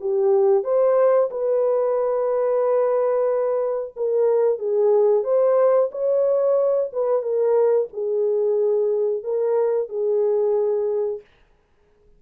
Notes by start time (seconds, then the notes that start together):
0.00 G4
0.64 C5
1.31 B4
3.96 A#4
4.59 G#4
5.24 C5
5.92 C#5
6.93 B4
7.22 A#4
7.93 G#4
9.23 A#4
9.89 G#4